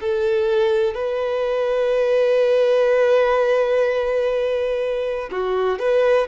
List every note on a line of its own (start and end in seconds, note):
0.00 0.94 A4
0.94 5.30 B4
5.31 5.79 F#4
5.79 6.27 B4